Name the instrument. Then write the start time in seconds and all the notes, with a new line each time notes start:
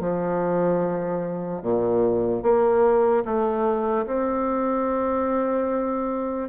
bassoon
0.00 F3
1.63 A#2
2.43 A#3
3.25 A3
4.07 C4